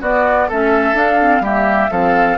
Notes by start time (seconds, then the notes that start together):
0.00 B3 F#4 D5
0.48 A3 C#4 A4 E5
0.93 D4 F5
1.19 C4
1.40 G3 A#3 G4 E5
1.90 F3 C4 A4 F5